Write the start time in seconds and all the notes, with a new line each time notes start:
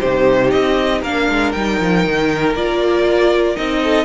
0.00 C3 D#4 G4 C5
0.51 C4 D#5
1.02 A#3 D4 A#4 F5
1.29 G#3
1.52 G3 D#4 G5
1.81 F3
2.06 D#3
2.55 A#3 F4 D5
3.56 C4 D#4 D#5
3.84 A4